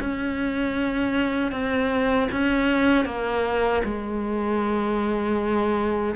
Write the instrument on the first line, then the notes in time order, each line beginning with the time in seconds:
cello
0.00 C#4
1.51 C4
2.31 C#4
3.05 A#3
3.84 G#3